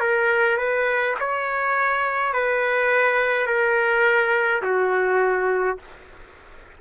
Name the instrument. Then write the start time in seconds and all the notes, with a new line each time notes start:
trumpet
0.00 A#4
0.58 B4
1.20 C#5
2.33 B4
3.47 A#4
4.63 F#4